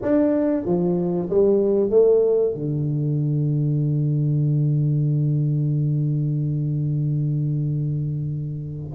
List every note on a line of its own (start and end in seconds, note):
0.02 0.65 D4
0.65 1.29 F3
1.29 1.90 G3
1.90 2.54 A3
2.54 8.92 D3